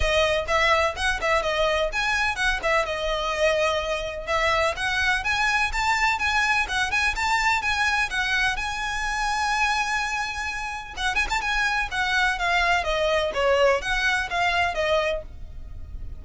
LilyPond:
\new Staff \with { instrumentName = "violin" } { \time 4/4 \tempo 4 = 126 dis''4 e''4 fis''8 e''8 dis''4 | gis''4 fis''8 e''8 dis''2~ | dis''4 e''4 fis''4 gis''4 | a''4 gis''4 fis''8 gis''8 a''4 |
gis''4 fis''4 gis''2~ | gis''2. fis''8 gis''16 a''16 | gis''4 fis''4 f''4 dis''4 | cis''4 fis''4 f''4 dis''4 | }